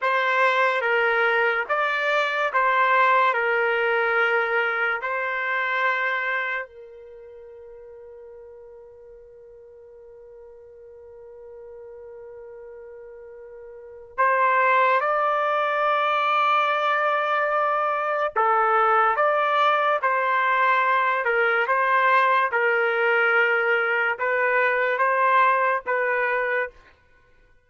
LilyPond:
\new Staff \with { instrumentName = "trumpet" } { \time 4/4 \tempo 4 = 72 c''4 ais'4 d''4 c''4 | ais'2 c''2 | ais'1~ | ais'1~ |
ais'4 c''4 d''2~ | d''2 a'4 d''4 | c''4. ais'8 c''4 ais'4~ | ais'4 b'4 c''4 b'4 | }